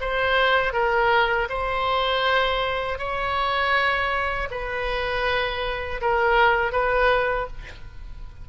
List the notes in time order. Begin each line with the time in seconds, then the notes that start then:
0.00 C5
0.73 A#4
1.49 C5
2.98 C#5
4.50 B4
6.01 A#4
6.72 B4